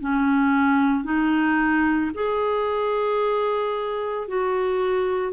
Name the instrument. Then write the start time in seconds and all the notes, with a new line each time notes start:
clarinet
0.00 C#4
1.04 D#4
2.14 G#4
4.28 F#4